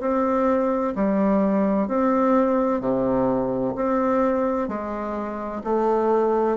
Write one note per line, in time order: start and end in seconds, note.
0.00 0.94 C4
0.95 1.87 G3
1.87 2.80 C4
2.80 3.74 C3
3.75 4.68 C4
4.68 5.62 G#3
5.63 6.57 A3